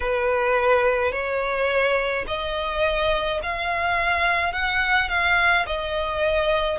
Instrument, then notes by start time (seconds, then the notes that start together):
violin
0.00 B4
1.12 C#5
2.26 D#5
3.42 F5
4.52 F#5
5.08 F5
5.66 D#5